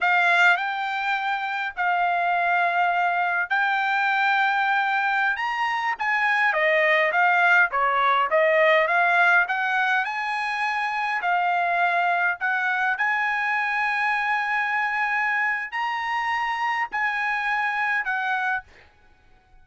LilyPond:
\new Staff \with { instrumentName = "trumpet" } { \time 4/4 \tempo 4 = 103 f''4 g''2 f''4~ | f''2 g''2~ | g''4~ g''16 ais''4 gis''4 dis''8.~ | dis''16 f''4 cis''4 dis''4 f''8.~ |
f''16 fis''4 gis''2 f''8.~ | f''4~ f''16 fis''4 gis''4.~ gis''16~ | gis''2. ais''4~ | ais''4 gis''2 fis''4 | }